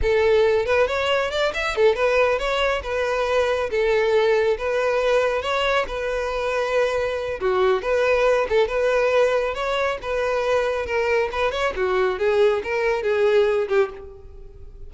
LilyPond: \new Staff \with { instrumentName = "violin" } { \time 4/4 \tempo 4 = 138 a'4. b'8 cis''4 d''8 e''8 | a'8 b'4 cis''4 b'4.~ | b'8 a'2 b'4.~ | b'8 cis''4 b'2~ b'8~ |
b'4 fis'4 b'4. a'8 | b'2 cis''4 b'4~ | b'4 ais'4 b'8 cis''8 fis'4 | gis'4 ais'4 gis'4. g'8 | }